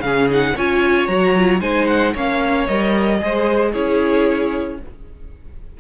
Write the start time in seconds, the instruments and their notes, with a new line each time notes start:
0.00 cello C#3, viola C#4, violin G#4 F5
0.30 viola D#4, violin F#5
0.56 cello C#4, viola F4, violin C#5 G#5
1.08 cello F#3, viola F#4, violin A#5
1.37 viola F4
1.61 cello G#3, viola D#4, violin C5 G#5
1.87 violin F#5
2.14 cello A#3, viola C#4, violin C#5 F5
2.68 cello G3, viola A#4, violin D#5
3.20 cello G#3, viola G#4, violin C5
3.72 cello C#4, viola E4, violin G#4 C#5